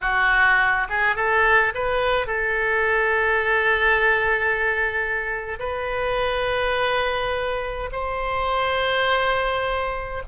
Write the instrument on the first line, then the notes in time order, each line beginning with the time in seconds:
oboe
0.01 F#4
0.89 G#4
1.15 A4
1.74 B4
2.27 A4
5.59 B4
7.92 C5